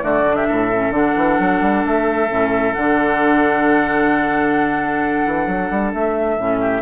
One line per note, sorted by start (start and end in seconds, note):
0.00 0.47 D3
0.00 0.23 A3
0.00 0.36 F#4
0.00 0.35 D5
0.27 0.72 D4
0.35 0.47 G4
0.35 0.92 E5
0.48 0.91 A2
0.48 6.60 A4
0.72 0.92 C#4
0.91 1.13 D3
0.91 2.28 D4
0.91 1.85 F#5
1.16 1.39 E3
1.39 1.61 F#3
1.61 1.83 G3
1.85 2.30 A3
1.85 2.73 E5
2.29 2.76 A2
2.29 2.75 C#4
2.73 5.26 D3
2.73 6.39 D4
2.73 5.92 F#5
5.26 5.46 E3
5.46 5.69 F#3
5.70 5.93 G3
5.93 6.38 A3
5.93 6.82 E5
6.38 6.82 A2
6.38 6.82 C#4
6.60 6.82 G4